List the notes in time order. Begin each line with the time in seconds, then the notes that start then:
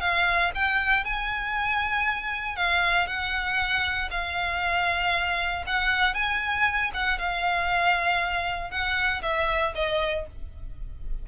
0.00 F5
0.54 G5
1.05 G#5
2.56 F5
3.07 F#5
4.11 F5
5.66 F#5
6.14 G#5
6.94 F#5
7.19 F5
8.70 F#5
9.22 E5
9.75 D#5